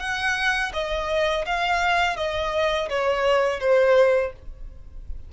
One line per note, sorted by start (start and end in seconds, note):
0.00 0.72 F#5
0.74 1.46 D#5
1.46 2.17 F5
2.17 2.89 D#5
2.89 3.60 C#5
3.60 4.33 C5